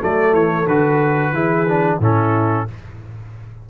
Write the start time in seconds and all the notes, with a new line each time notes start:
0.00 F#3 A3 A4 D5
0.33 E3 C#5
0.67 D3 F#4 B4
1.32 E3 E4 G#4
1.68 D4
1.99 A2 C#4 E4 A4